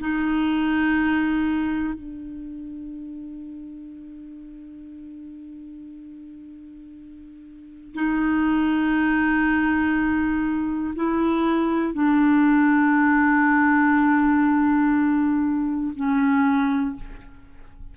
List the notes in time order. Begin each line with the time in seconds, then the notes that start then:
0.00 D#4
1.94 D4
7.95 D#4
10.95 E4
11.94 D4
15.95 C#4